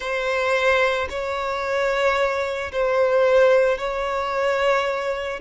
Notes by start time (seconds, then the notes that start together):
0.00 C5
1.09 C#5
2.71 C5
3.77 C#5